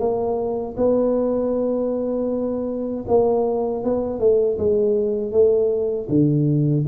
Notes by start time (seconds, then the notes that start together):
0.00 A#3
0.77 B3
3.08 A#3
3.84 B3
4.20 A3
4.59 G#3
5.32 A3
6.10 D3